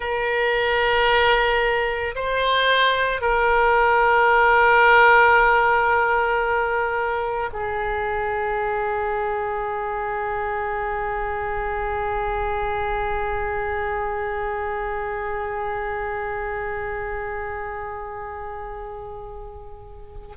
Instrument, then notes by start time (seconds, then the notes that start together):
oboe
0.00 A#4
2.15 C5
3.21 A#4
7.52 G#4